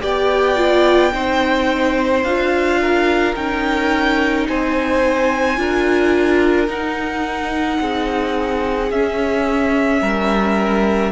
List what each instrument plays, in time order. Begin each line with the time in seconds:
0.00 cello B3, viola G4, violin D5 G5
0.56 viola F4
1.12 cello C4, viola D#4, violin C5
2.23 cello D4, viola F4, violin F5
2.81 violin A#4
3.35 cello C#4, viola D#4, violin G5
4.48 cello C4, violin C5 G#5
5.56 cello D4, viola F4, violin A#4
6.67 viola D#4, cello D#4, violin F#5
7.80 cello C4, violin G#4
8.91 cello C#4, viola C#4, violin E5
10.01 cello G3, violin A#4